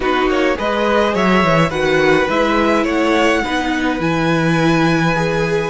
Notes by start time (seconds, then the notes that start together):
0.00 B3 D#4 F#4 B4
0.26 A#3 C#5
0.55 G#3 G#4 B4 D#5
1.14 F#3 C#5 E5
1.43 E3
1.69 D#3 F#4 B4 F#5
2.29 G#3 E4 E5
2.83 A3 C#5 F#5
3.43 B3 D#4 B4
3.99 E3 E4 G#5
5.15 G#4